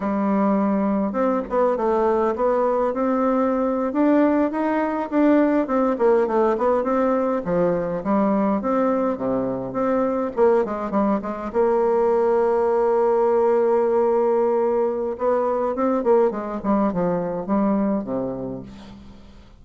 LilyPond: \new Staff \with { instrumentName = "bassoon" } { \time 4/4 \tempo 4 = 103 g2 c'8 b8 a4 | b4 c'4.~ c'16 d'4 dis'16~ | dis'8. d'4 c'8 ais8 a8 b8 c'16~ | c'8. f4 g4 c'4 c16~ |
c8. c'4 ais8 gis8 g8 gis8 ais16~ | ais1~ | ais2 b4 c'8 ais8 | gis8 g8 f4 g4 c4 | }